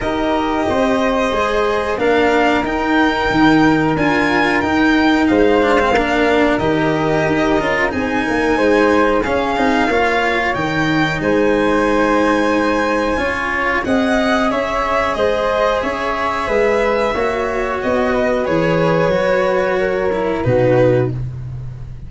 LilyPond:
<<
  \new Staff \with { instrumentName = "violin" } { \time 4/4 \tempo 4 = 91 dis''2. f''4 | g''2 gis''4 g''4 | f''2 dis''2 | gis''2 f''2 |
g''4 gis''2.~ | gis''4 fis''4 e''4 dis''4 | e''2. dis''4 | cis''2. b'4 | }
  \new Staff \with { instrumentName = "flute" } { \time 4/4 ais'4 c''2 ais'4~ | ais'1 | c''4 ais'2. | gis'8 ais'8 c''4 gis'4 cis''4~ |
cis''4 c''2. | cis''4 dis''4 cis''4 c''4 | cis''4 b'4 cis''4. b'8~ | b'2 ais'4 fis'4 | }
  \new Staff \with { instrumentName = "cello" } { \time 4/4 g'2 gis'4 d'4 | dis'2 f'4 dis'4~ | dis'8 d'16 c'16 d'4 g'4. f'8 | dis'2 cis'8 dis'8 f'4 |
dis'1 | f'4 gis'2.~ | gis'2 fis'2 | gis'4 fis'4. e'8 dis'4 | }
  \new Staff \with { instrumentName = "tuba" } { \time 4/4 dis'4 c'4 gis4 ais4 | dis'4 dis4 d'4 dis'4 | gis4 ais4 dis4 dis'8 cis'8 | c'8 ais8 gis4 cis'8 c'8 ais4 |
dis4 gis2. | cis'4 c'4 cis'4 gis4 | cis'4 gis4 ais4 b4 | e4 fis2 b,4 | }
>>